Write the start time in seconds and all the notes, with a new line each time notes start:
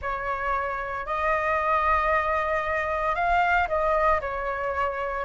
0.01 C#5
1.06 D#5
3.15 F5
3.67 D#5
4.21 C#5